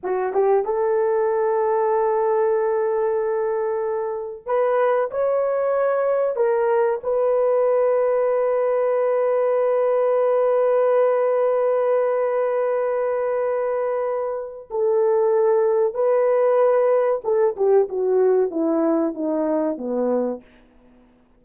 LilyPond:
\new Staff \with { instrumentName = "horn" } { \time 4/4 \tempo 4 = 94 fis'8 g'8 a'2.~ | a'2. b'4 | cis''2 ais'4 b'4~ | b'1~ |
b'1~ | b'2. a'4~ | a'4 b'2 a'8 g'8 | fis'4 e'4 dis'4 b4 | }